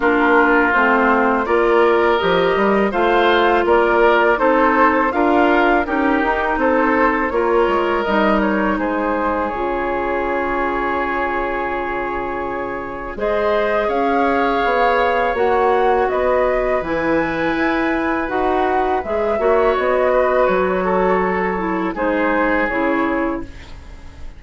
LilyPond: <<
  \new Staff \with { instrumentName = "flute" } { \time 4/4 \tempo 4 = 82 ais'4 c''4 d''4 dis''4 | f''4 d''4 c''4 f''4 | ais'4 c''4 cis''4 dis''8 cis''8 | c''4 cis''2.~ |
cis''2 dis''4 f''4~ | f''4 fis''4 dis''4 gis''4~ | gis''4 fis''4 e''4 dis''4 | cis''2 c''4 cis''4 | }
  \new Staff \with { instrumentName = "oboe" } { \time 4/4 f'2 ais'2 | c''4 ais'4 a'4 ais'4 | g'4 a'4 ais'2 | gis'1~ |
gis'2 c''4 cis''4~ | cis''2 b'2~ | b'2~ b'8 cis''4 b'8~ | b'8 a'4. gis'2 | }
  \new Staff \with { instrumentName = "clarinet" } { \time 4/4 d'4 c'4 f'4 g'4 | f'2 dis'4 f'4 | dis'2 f'4 dis'4~ | dis'4 f'2.~ |
f'2 gis'2~ | gis'4 fis'2 e'4~ | e'4 fis'4 gis'8 fis'4.~ | fis'4. e'8 dis'4 e'4 | }
  \new Staff \with { instrumentName = "bassoon" } { \time 4/4 ais4 a4 ais4 f8 g8 | a4 ais4 c'4 d'4 | cis'8 dis'8 c'4 ais8 gis8 g4 | gis4 cis2.~ |
cis2 gis4 cis'4 | b4 ais4 b4 e4 | e'4 dis'4 gis8 ais8 b4 | fis2 gis4 cis4 | }
>>